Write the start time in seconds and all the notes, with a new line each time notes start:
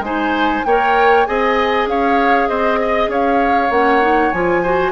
0.00 G#3 D#4 C5 G#5
0.65 A#3 A#4 C#5 G5
1.26 C4 G#4 D#5 G#5
1.87 C#4 C#5 F5
2.49 C4 C5 D#5
2.82 D#5
3.08 C#4 C#5 F5
3.70 A#3 C#4 F#5
4.02 D#4
4.32 F3 F4 G#5
4.63 F#4 C5